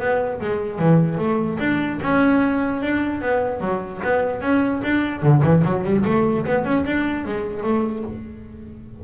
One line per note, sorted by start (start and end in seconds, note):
0.00 0.40 B3
0.41 0.79 G#3
0.79 1.18 E3
1.18 1.59 A3
1.60 2.00 D4
2.02 2.83 C#4
2.83 3.21 D4
3.21 3.61 B3
3.61 4.01 F#3
4.04 4.42 B3
4.42 4.82 C#4
4.83 5.23 D4
5.23 5.43 D3
5.43 5.64 E3
5.65 5.84 F#3
5.84 6.04 G3
6.05 6.45 A3
6.46 6.65 B3
6.65 6.85 C#4
6.86 7.26 D4
7.26 7.64 G#3
7.64 8.04 A3